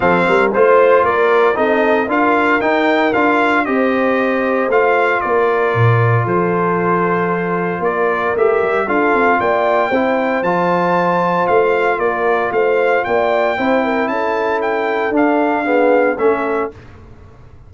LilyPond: <<
  \new Staff \with { instrumentName = "trumpet" } { \time 4/4 \tempo 4 = 115 f''4 c''4 d''4 dis''4 | f''4 g''4 f''4 dis''4~ | dis''4 f''4 d''2 | c''2. d''4 |
e''4 f''4 g''2 | a''2 f''4 d''4 | f''4 g''2 a''4 | g''4 f''2 e''4 | }
  \new Staff \with { instrumentName = "horn" } { \time 4/4 a'8 ais'8 c''4 ais'4 a'4 | ais'2. c''4~ | c''2 ais'2 | a'2. ais'4~ |
ais'4 a'4 d''4 c''4~ | c''2. ais'4 | c''4 d''4 c''8 ais'8 a'4~ | a'2 gis'4 a'4 | }
  \new Staff \with { instrumentName = "trombone" } { \time 4/4 c'4 f'2 dis'4 | f'4 dis'4 f'4 g'4~ | g'4 f'2.~ | f'1 |
g'4 f'2 e'4 | f'1~ | f'2 e'2~ | e'4 d'4 b4 cis'4 | }
  \new Staff \with { instrumentName = "tuba" } { \time 4/4 f8 g8 a4 ais4 c'4 | d'4 dis'4 d'4 c'4~ | c'4 a4 ais4 ais,4 | f2. ais4 |
a8 g8 d'8 c'8 ais4 c'4 | f2 a4 ais4 | a4 ais4 c'4 cis'4~ | cis'4 d'2 a4 | }
>>